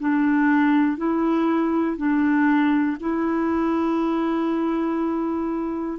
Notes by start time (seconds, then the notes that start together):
0.00 D4
0.97 E4
1.97 D4
3.00 E4